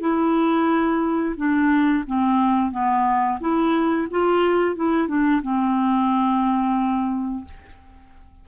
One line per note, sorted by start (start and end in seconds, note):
0.00 1.35 E4
1.36 2.04 D4
2.06 2.71 C4
2.71 3.38 B3
3.40 4.07 E4
4.10 4.75 F4
4.75 5.07 E4
5.07 5.41 D4
5.42 7.44 C4